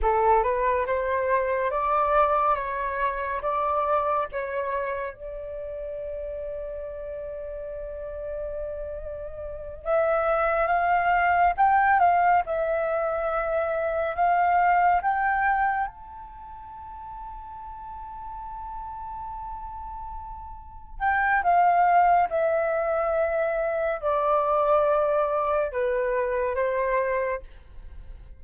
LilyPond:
\new Staff \with { instrumentName = "flute" } { \time 4/4 \tempo 4 = 70 a'8 b'8 c''4 d''4 cis''4 | d''4 cis''4 d''2~ | d''2.~ d''8 e''8~ | e''8 f''4 g''8 f''8 e''4.~ |
e''8 f''4 g''4 a''4.~ | a''1~ | a''8 g''8 f''4 e''2 | d''2 b'4 c''4 | }